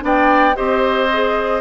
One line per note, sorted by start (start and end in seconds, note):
0.00 0.56 B3
0.00 0.53 D4
0.00 0.56 D5
0.00 0.56 G5
0.55 1.61 C4
0.55 1.08 G4
0.55 1.61 C5
0.55 1.61 D#5
1.12 1.61 G#4